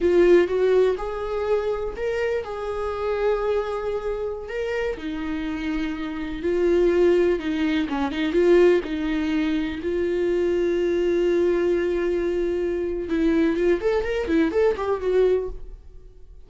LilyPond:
\new Staff \with { instrumentName = "viola" } { \time 4/4 \tempo 4 = 124 f'4 fis'4 gis'2 | ais'4 gis'2.~ | gis'4~ gis'16 ais'4 dis'4.~ dis'16~ | dis'4~ dis'16 f'2 dis'8.~ |
dis'16 cis'8 dis'8 f'4 dis'4.~ dis'16~ | dis'16 f'2.~ f'8.~ | f'2. e'4 | f'8 a'8 ais'8 e'8 a'8 g'8 fis'4 | }